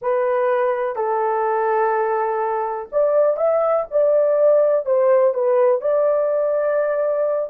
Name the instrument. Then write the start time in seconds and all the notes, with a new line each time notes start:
horn
0.01 B4
0.95 A4
2.92 D5
3.37 E5
3.90 D5
4.85 C5
5.34 B4
5.81 D5